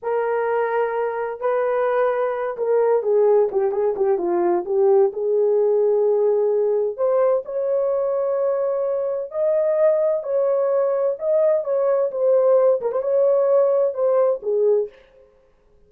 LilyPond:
\new Staff \with { instrumentName = "horn" } { \time 4/4 \tempo 4 = 129 ais'2. b'4~ | b'4. ais'4 gis'4 g'8 | gis'8 g'8 f'4 g'4 gis'4~ | gis'2. c''4 |
cis''1 | dis''2 cis''2 | dis''4 cis''4 c''4. ais'16 c''16 | cis''2 c''4 gis'4 | }